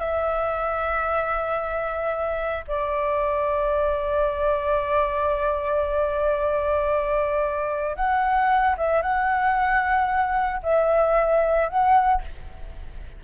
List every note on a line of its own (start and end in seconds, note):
0.00 2.65 E5
2.68 7.96 D5
7.96 8.76 F#5
8.78 9.02 E5
9.02 10.62 F#5
10.63 11.69 E5
11.69 12.22 F#5